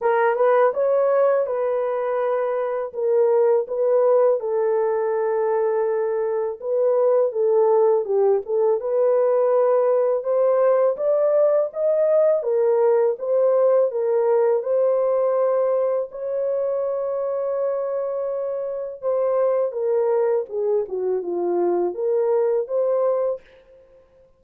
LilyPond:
\new Staff \with { instrumentName = "horn" } { \time 4/4 \tempo 4 = 82 ais'8 b'8 cis''4 b'2 | ais'4 b'4 a'2~ | a'4 b'4 a'4 g'8 a'8 | b'2 c''4 d''4 |
dis''4 ais'4 c''4 ais'4 | c''2 cis''2~ | cis''2 c''4 ais'4 | gis'8 fis'8 f'4 ais'4 c''4 | }